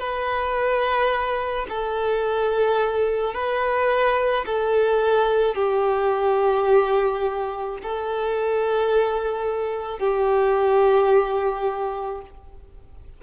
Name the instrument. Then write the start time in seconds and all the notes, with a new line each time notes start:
violin
0.00 B4
1.69 A4
3.34 B4
4.46 A4
5.56 G4
7.83 A4
9.99 G4